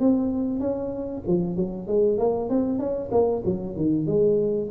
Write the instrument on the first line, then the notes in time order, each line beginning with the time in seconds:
tuba
0.00 C4
0.60 C#4
1.27 F3
1.56 F#3
1.87 G#3
2.18 A#3
2.49 C4
2.79 C#4
3.12 A#3
3.45 F#3
3.76 D#3
4.07 G#3